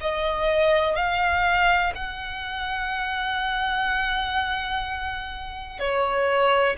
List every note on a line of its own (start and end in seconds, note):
0.00 0.95 D#5
0.95 1.92 F5
1.94 5.79 F#5
5.79 6.76 C#5